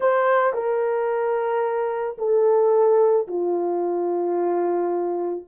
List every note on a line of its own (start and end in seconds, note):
0.00 0.52 C5
0.53 2.17 A#4
2.18 3.27 A4
3.27 5.45 F4